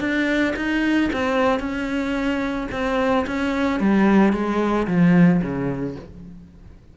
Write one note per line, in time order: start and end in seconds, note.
0.00 0.54 D4
0.56 1.10 D#4
1.13 1.60 C4
1.60 2.68 C#4
2.72 3.26 C4
3.27 3.80 C#4
3.80 4.33 G3
4.33 4.87 G#3
4.87 5.41 F3
5.42 5.96 C#3